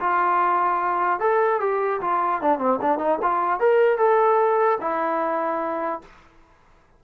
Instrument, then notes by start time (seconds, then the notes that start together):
trombone
0.00 F4
1.20 A4
1.61 G4
2.01 F4
2.41 D4
2.59 C4
2.82 D4
2.99 D#4
3.22 F4
3.60 A#4
3.98 A4
4.81 E4